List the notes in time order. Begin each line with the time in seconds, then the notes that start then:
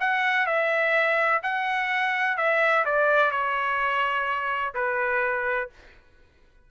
0.00 F#5
0.46 E5
1.43 F#5
2.37 E5
2.85 D5
3.31 C#5
4.74 B4